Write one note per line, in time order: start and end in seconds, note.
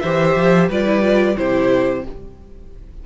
0.00 0.36 E3
0.00 0.71 G4
0.00 0.68 C5
0.00 0.67 E5
0.36 0.69 F3
0.68 1.36 G3
0.68 0.86 F4
0.68 1.36 B4
0.68 1.37 D5
0.86 1.01 E4
1.01 1.35 F4
1.36 2.06 C3
1.36 2.04 E4
1.36 2.06 G4
1.36 2.04 C5